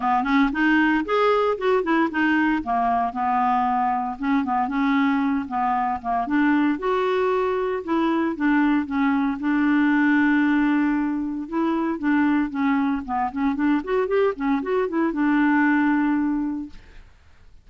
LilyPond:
\new Staff \with { instrumentName = "clarinet" } { \time 4/4 \tempo 4 = 115 b8 cis'8 dis'4 gis'4 fis'8 e'8 | dis'4 ais4 b2 | cis'8 b8 cis'4. b4 ais8 | d'4 fis'2 e'4 |
d'4 cis'4 d'2~ | d'2 e'4 d'4 | cis'4 b8 cis'8 d'8 fis'8 g'8 cis'8 | fis'8 e'8 d'2. | }